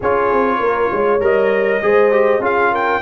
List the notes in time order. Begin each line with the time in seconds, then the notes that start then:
0.00 C#4 F4 G#4 C#5
0.32 C4
0.59 A#3 A#4
0.91 G#3 C#5
1.20 G3 A#4 D#5
1.82 G#3 G#4 C5
2.11 G4
2.39 C#4 F4 G#4 F5
2.71 A#4 G5